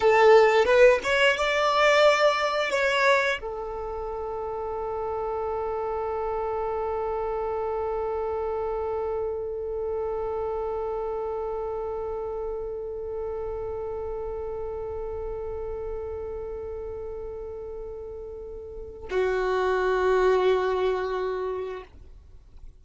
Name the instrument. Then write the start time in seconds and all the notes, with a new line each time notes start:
violin
0.00 A4
0.65 B4
1.03 C#5
1.37 D5
2.70 C#5
3.41 A4
19.10 F#4